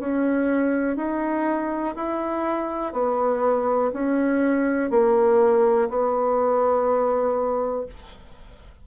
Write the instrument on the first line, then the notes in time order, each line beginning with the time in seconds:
bassoon
0.00 C#4
0.97 D#4
1.96 E4
2.93 B3
3.93 C#4
4.91 A#3
5.90 B3